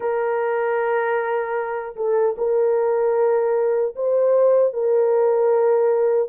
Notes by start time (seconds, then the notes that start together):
0.00 A#4
1.96 A4
2.37 A#4
3.95 C5
4.73 A#4